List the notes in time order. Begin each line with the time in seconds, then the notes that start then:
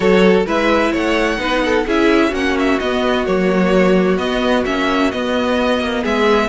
0.00 F#3 F#4 A4 C#5
0.46 G#3 E4 B4 E5
0.92 A3 C#5 F#5
1.38 B3 D#4 B4
1.64 A4
1.86 C#4 E4 G#4 E5
2.28 A#3 C#4 F#4 F#5
2.58 E5
2.79 B3 D#5
3.25 F#3 A#3 C#5
4.17 B3 D#5
4.65 A#3 C#4 E5
5.11 B3 D#5
5.79 A#3
6.02 G#3 G#4 E5